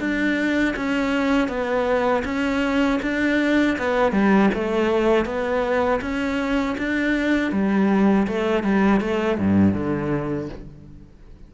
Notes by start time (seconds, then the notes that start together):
0.00 D4
0.77 C#4
1.48 B3
2.25 C#4
3.03 D4
3.78 B3
4.12 G3
4.54 A3
5.26 B3
6.02 C#4
6.78 D4
7.52 G3
8.28 A3
8.64 G3
9.01 A3
9.39 G2
9.74 D3